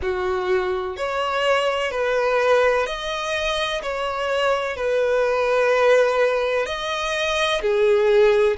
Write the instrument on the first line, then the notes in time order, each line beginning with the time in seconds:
violin
0.02 F#4
0.96 C#5
1.90 B4
2.86 D#5
3.82 C#5
4.76 B4
6.66 D#5
7.61 G#4